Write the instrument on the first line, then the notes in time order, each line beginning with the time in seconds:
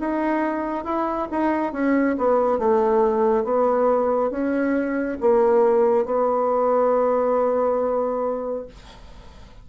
bassoon
0.00 D#4
0.85 E4
1.31 D#4
1.73 C#4
2.18 B3
2.59 A3
3.45 B3
4.31 C#4
5.21 A#3
6.06 B3